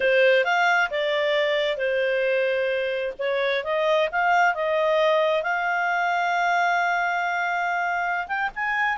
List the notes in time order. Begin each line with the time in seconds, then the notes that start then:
0.00 C5
0.44 F5
0.90 D5
1.77 C5
3.18 C#5
3.64 D#5
4.11 F5
4.54 D#5
5.43 F5
8.27 G5
8.55 G#5